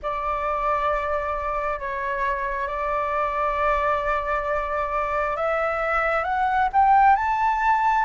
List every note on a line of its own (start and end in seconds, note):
0.02 1.79 D5
1.79 2.67 C#5
2.67 5.36 D5
5.36 6.24 E5
6.24 6.68 F#5
6.72 7.16 G5
7.16 8.04 A5